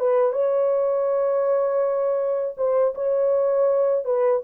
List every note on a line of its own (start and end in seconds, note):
0.00 0.33 B4
0.33 2.55 C#5
2.58 2.95 C5
2.95 4.05 C#5
4.05 4.42 B4